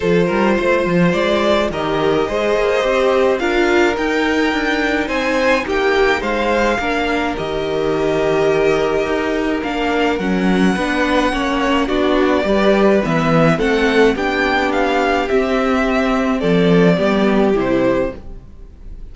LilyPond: <<
  \new Staff \with { instrumentName = "violin" } { \time 4/4 \tempo 4 = 106 c''2 d''4 dis''4~ | dis''2 f''4 g''4~ | g''4 gis''4 g''4 f''4~ | f''4 dis''2.~ |
dis''4 f''4 fis''2~ | fis''4 d''2 e''4 | fis''4 g''4 f''4 e''4~ | e''4 d''2 c''4 | }
  \new Staff \with { instrumentName = "violin" } { \time 4/4 a'8 ais'8 c''2 ais'4 | c''2 ais'2~ | ais'4 c''4 g'4 c''4 | ais'1~ |
ais'2. b'4 | cis''4 fis'4 b'2 | a'4 g'2.~ | g'4 a'4 g'2 | }
  \new Staff \with { instrumentName = "viola" } { \time 4/4 f'2. g'4 | gis'4 g'4 f'4 dis'4~ | dis'1 | d'4 g'2.~ |
g'4 d'4 cis'4 d'4 | cis'4 d'4 g'4 b4 | c'4 d'2 c'4~ | c'2 b4 e'4 | }
  \new Staff \with { instrumentName = "cello" } { \time 4/4 f8 g8 a8 f8 gis4 dis4 | gis8 ais8 c'4 d'4 dis'4 | d'4 c'4 ais4 gis4 | ais4 dis2. |
dis'4 ais4 fis4 b4 | ais4 b4 g4 e4 | a4 b2 c'4~ | c'4 f4 g4 c4 | }
>>